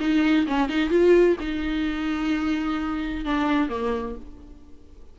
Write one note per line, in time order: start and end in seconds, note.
0.00 0.47 D#4
0.47 0.69 C#4
0.69 0.90 D#4
0.90 1.36 F4
1.40 3.25 D#4
3.25 3.69 D4
3.69 4.15 A#3